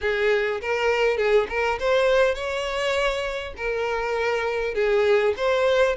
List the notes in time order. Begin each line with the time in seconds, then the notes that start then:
0.01 G#4
0.61 A#4
1.17 G#4
1.49 A#4
1.79 C5
2.34 C#5
3.56 A#4
4.74 G#4
5.36 C5